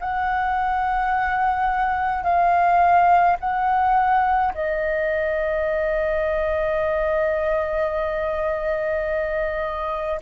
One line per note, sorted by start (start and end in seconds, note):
0.00 2.23 F#5
2.23 3.37 F5
3.40 4.53 F#5
4.54 10.20 D#5